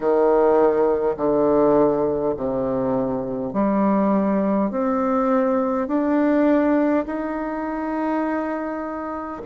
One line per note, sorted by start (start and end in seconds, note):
0.00 1.15 D#3
1.17 2.34 D3
2.36 3.53 C3
3.53 4.71 G3
4.71 5.87 C4
5.87 7.05 D4
7.06 9.41 D#4